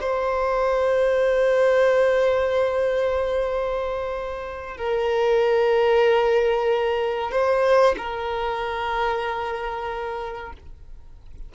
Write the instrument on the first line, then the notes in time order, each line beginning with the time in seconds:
violin
0.00 C5
4.77 A#4
7.31 C5
7.97 A#4